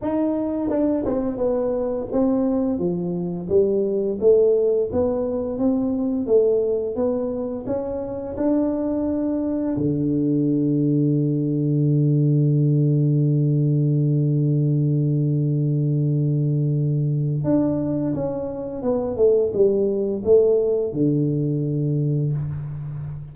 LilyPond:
\new Staff \with { instrumentName = "tuba" } { \time 4/4 \tempo 4 = 86 dis'4 d'8 c'8 b4 c'4 | f4 g4 a4 b4 | c'4 a4 b4 cis'4 | d'2 d2~ |
d1~ | d1~ | d4 d'4 cis'4 b8 a8 | g4 a4 d2 | }